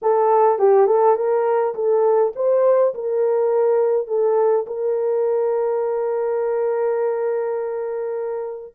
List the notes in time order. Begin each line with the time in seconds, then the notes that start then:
0.02 A4
0.58 G4
0.87 A4
1.16 A#4
1.74 A4
2.35 C5
2.94 A#4
4.07 A4
4.66 A#4